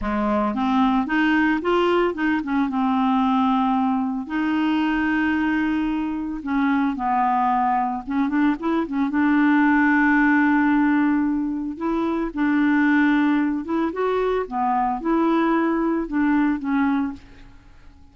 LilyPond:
\new Staff \with { instrumentName = "clarinet" } { \time 4/4 \tempo 4 = 112 gis4 c'4 dis'4 f'4 | dis'8 cis'8 c'2. | dis'1 | cis'4 b2 cis'8 d'8 |
e'8 cis'8 d'2.~ | d'2 e'4 d'4~ | d'4. e'8 fis'4 b4 | e'2 d'4 cis'4 | }